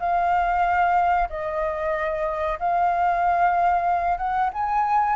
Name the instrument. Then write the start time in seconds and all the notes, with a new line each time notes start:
flute
0.00 F5
1.30 D#5
2.60 F5
4.18 F#5
4.54 G#5